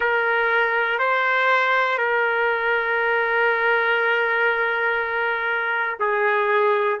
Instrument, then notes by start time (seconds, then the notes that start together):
trumpet
0.00 A#4
0.99 C5
1.97 A#4
6.00 G#4